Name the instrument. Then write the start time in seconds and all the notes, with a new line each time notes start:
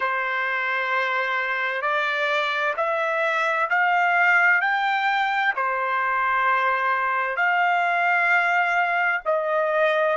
trumpet
0.00 C5
1.81 D5
2.77 E5
3.69 F5
4.61 G5
5.56 C5
7.36 F5
9.25 D#5